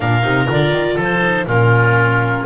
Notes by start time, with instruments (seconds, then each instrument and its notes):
0.00 double bass A#2, viola D4, oboe A#4, clarinet F5
0.22 double bass C3, viola D#4
0.46 double bass D3, viola F4, clarinet D5
0.72 double bass D#3
0.95 double bass F3, oboe A4
1.02 clarinet C5
1.21 viola D#4
1.46 double bass A#2, viola C#4, oboe F4, clarinet A#4